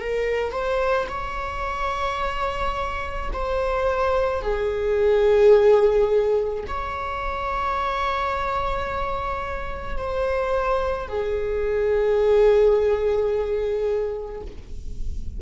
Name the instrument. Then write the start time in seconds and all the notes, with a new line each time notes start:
viola
0.00 A#4
0.52 C5
1.09 C#5
3.32 C5
4.42 G#4
6.67 C#5
9.97 C5
11.08 G#4